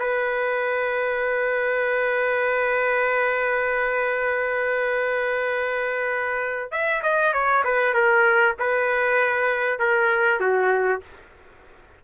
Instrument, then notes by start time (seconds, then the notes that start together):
trumpet
0.00 B4
6.72 E5
7.03 D#5
7.34 C#5
7.65 B4
7.94 A#4
8.60 B4
9.80 A#4
10.40 F#4